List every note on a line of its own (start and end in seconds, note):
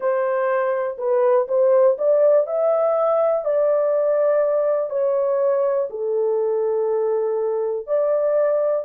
0.00 0.97 C5
0.97 1.47 B4
1.48 1.97 C5
1.98 2.46 D5
2.46 3.44 E5
3.44 4.90 D5
4.90 5.88 C#5
5.90 7.86 A4
7.86 8.85 D5